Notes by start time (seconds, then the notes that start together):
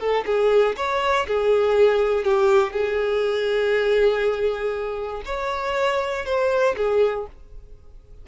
0.00 A4
0.26 G#4
0.77 C#5
1.27 G#4
2.25 G4
2.73 G#4
5.26 C#5
6.26 C5
6.77 G#4